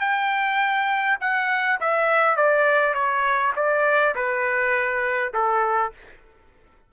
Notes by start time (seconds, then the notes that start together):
0.00 G5
1.21 F#5
1.80 E5
2.36 D5
2.94 C#5
3.56 D5
4.15 B4
5.34 A4